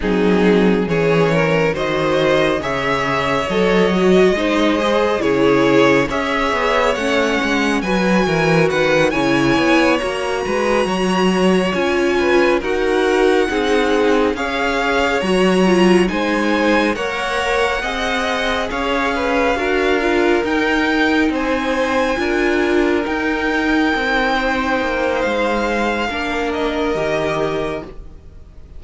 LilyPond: <<
  \new Staff \with { instrumentName = "violin" } { \time 4/4 \tempo 4 = 69 gis'4 cis''4 dis''4 e''4 | dis''2 cis''4 e''4 | fis''4 gis''4 fis''8 gis''4 ais''8~ | ais''4. gis''4 fis''4.~ |
fis''8 f''4 ais''4 gis''4 fis''8~ | fis''4. f''2 g''8~ | g''8 gis''2 g''4.~ | g''4 f''4. dis''4. | }
  \new Staff \with { instrumentName = "violin" } { \time 4/4 dis'4 gis'8 ais'8 c''4 cis''4~ | cis''4 c''4 gis'4 cis''4~ | cis''4 b'8 ais'8 b'8 cis''4. | b'8 cis''4. b'8 ais'4 gis'8~ |
gis'8 cis''2 c''4 cis''8~ | cis''8 dis''4 cis''8 b'8 ais'4.~ | ais'8 c''4 ais'2~ ais'8 | c''2 ais'2 | }
  \new Staff \with { instrumentName = "viola" } { \time 4/4 c'4 cis'4 fis'4 gis'4 | a'8 fis'8 dis'8 gis'8 e'4 gis'4 | cis'4 fis'4. e'4 fis'8~ | fis'4. f'4 fis'4 dis'8~ |
dis'8 gis'4 fis'8 f'8 dis'4 ais'8~ | ais'8 gis'2 fis'8 f'8 dis'8~ | dis'4. f'4 dis'4.~ | dis'2 d'4 g'4 | }
  \new Staff \with { instrumentName = "cello" } { \time 4/4 fis4 e4 dis4 cis4 | fis4 gis4 cis4 cis'8 b8 | a8 gis8 fis8 e8 dis8 cis8 b8 ais8 | gis8 fis4 cis'4 dis'4 c'8~ |
c'8 cis'4 fis4 gis4 ais8~ | ais8 c'4 cis'4 d'4 dis'8~ | dis'8 c'4 d'4 dis'4 c'8~ | c'8 ais8 gis4 ais4 dis4 | }
>>